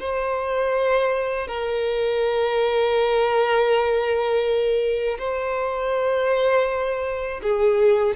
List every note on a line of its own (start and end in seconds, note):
0.00 1.48 C5
1.48 5.18 A#4
5.19 7.41 C5
7.43 8.16 G#4